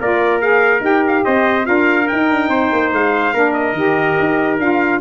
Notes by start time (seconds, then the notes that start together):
0.00 A#3 F4 A#4 D5
0.41 G#4 F5
0.81 D#4 G4 G5
1.08 F5
1.24 C4 C5 D#5
1.63 D4 F4 A#4 F5
2.08 D#4 G5
2.30 D4
2.49 C4 C5
2.73 A#3
2.93 G#3 F5
3.34 A#3 D4 A#4
3.54 D#5
3.73 D#3 G4
4.19 D#4
4.59 D4 F4 F5